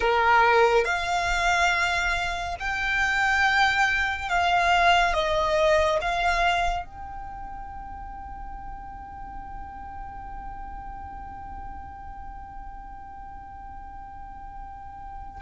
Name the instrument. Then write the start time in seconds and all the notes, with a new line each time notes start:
violin
0.00 A#4
0.84 F5
2.59 G5
4.29 F5
5.13 D#5
6.01 F5
6.85 G5